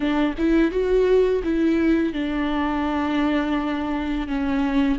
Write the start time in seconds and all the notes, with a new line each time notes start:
0.00 D4
0.38 E4
0.71 F#4
1.43 E4
2.13 D4
4.27 C#4